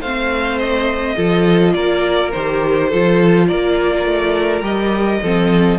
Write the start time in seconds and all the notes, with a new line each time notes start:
0.00 A3 C4 C5 F5
0.59 D#5
1.16 F3 F4 A4
1.74 A#3 A#4 D5
2.32 D#3 G4 C5
2.89 F3 F4 A4
3.47 A#3 A#4 D5
4.06 A3
4.62 G3 G4 D#5
5.23 F3 C4 A4